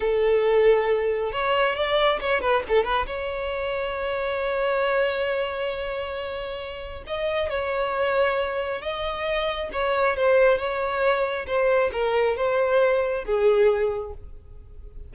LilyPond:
\new Staff \with { instrumentName = "violin" } { \time 4/4 \tempo 4 = 136 a'2. cis''4 | d''4 cis''8 b'8 a'8 b'8 cis''4~ | cis''1~ | cis''1 |
dis''4 cis''2. | dis''2 cis''4 c''4 | cis''2 c''4 ais'4 | c''2 gis'2 | }